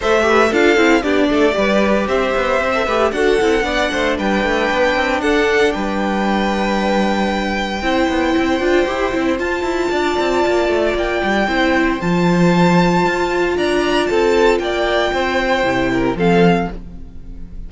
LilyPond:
<<
  \new Staff \with { instrumentName = "violin" } { \time 4/4 \tempo 4 = 115 e''4 f''4 d''2 | e''2 fis''2 | g''2 fis''4 g''4~ | g''1~ |
g''2 a''2~ | a''4 g''2 a''4~ | a''2 ais''4 a''4 | g''2. f''4 | }
  \new Staff \with { instrumentName = "violin" } { \time 4/4 c''8 b'8 a'4 g'8 a'8 b'4 | c''4. b'8 a'4 d''8 c''8 | b'2 a'4 b'4~ | b'2. c''4~ |
c''2. d''4~ | d''2 c''2~ | c''2 d''4 a'4 | d''4 c''4. ais'8 a'4 | }
  \new Staff \with { instrumentName = "viola" } { \time 4/4 a'8 g'8 f'8 e'8 d'4 g'4~ | g'4~ g'16 a'16 g'8 fis'8 e'8 d'4~ | d'1~ | d'2. e'4~ |
e'8 f'8 g'8 e'8 f'2~ | f'2 e'4 f'4~ | f'1~ | f'2 e'4 c'4 | }
  \new Staff \with { instrumentName = "cello" } { \time 4/4 a4 d'8 c'8 b8 a8 g4 | c'8 b8 c'8 a8 d'8 c'8 b8 a8 | g8 a8 b8 c'8 d'4 g4~ | g2. c'8 b8 |
c'8 d'8 e'8 c'8 f'8 e'8 d'8 c'8 | ais8 a8 ais8 g8 c'4 f4~ | f4 f'4 d'4 c'4 | ais4 c'4 c4 f4 | }
>>